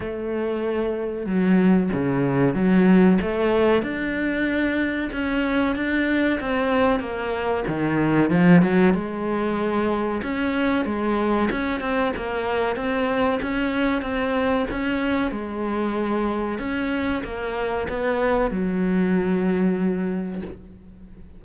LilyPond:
\new Staff \with { instrumentName = "cello" } { \time 4/4 \tempo 4 = 94 a2 fis4 cis4 | fis4 a4 d'2 | cis'4 d'4 c'4 ais4 | dis4 f8 fis8 gis2 |
cis'4 gis4 cis'8 c'8 ais4 | c'4 cis'4 c'4 cis'4 | gis2 cis'4 ais4 | b4 fis2. | }